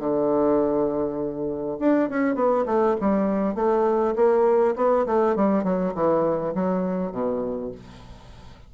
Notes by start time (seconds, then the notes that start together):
0.00 D3
1.80 D4
2.10 C#4
2.35 B3
2.66 A3
3.01 G3
3.55 A3
4.16 A#3
4.76 B3
5.07 A3
5.36 G3
5.64 F#3
5.95 E3
6.55 F#3
7.12 B2